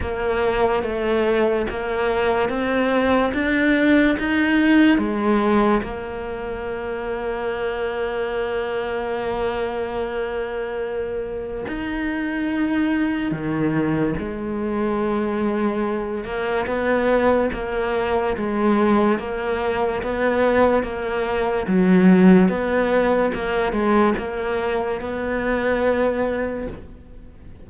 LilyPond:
\new Staff \with { instrumentName = "cello" } { \time 4/4 \tempo 4 = 72 ais4 a4 ais4 c'4 | d'4 dis'4 gis4 ais4~ | ais1~ | ais2 dis'2 |
dis4 gis2~ gis8 ais8 | b4 ais4 gis4 ais4 | b4 ais4 fis4 b4 | ais8 gis8 ais4 b2 | }